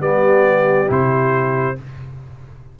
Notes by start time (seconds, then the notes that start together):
0.00 G3 B3 G4 D5
0.87 C3 E4 C5